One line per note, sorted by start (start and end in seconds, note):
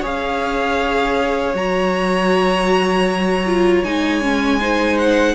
0.00 1.54 C#4
0.00 1.54 G#4
0.00 4.56 C#5
0.00 1.56 F5
1.54 3.82 F#3
1.54 3.44 F#4
1.54 3.84 A#5
3.46 3.84 F4
3.84 5.34 G#3
3.84 4.21 D#4
3.84 4.98 G#5
4.21 4.59 C#4
4.60 5.34 D#4
4.60 5.34 C5
4.98 5.34 F#5